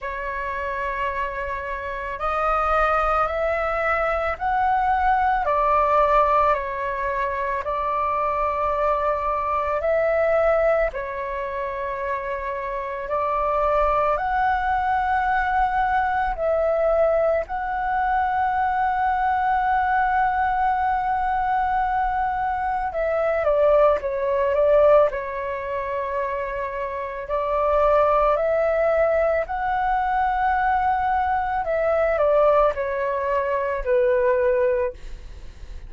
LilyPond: \new Staff \with { instrumentName = "flute" } { \time 4/4 \tempo 4 = 55 cis''2 dis''4 e''4 | fis''4 d''4 cis''4 d''4~ | d''4 e''4 cis''2 | d''4 fis''2 e''4 |
fis''1~ | fis''4 e''8 d''8 cis''8 d''8 cis''4~ | cis''4 d''4 e''4 fis''4~ | fis''4 e''8 d''8 cis''4 b'4 | }